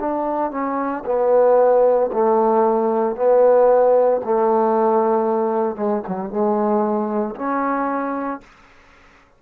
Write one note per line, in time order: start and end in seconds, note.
0.00 0.51 D4
0.51 1.04 C#4
1.06 2.11 B3
2.13 3.16 A3
3.16 4.21 B3
4.24 5.76 A3
5.76 6.02 G#3
6.08 6.30 F#3
6.30 7.35 G#3
7.35 8.41 C#4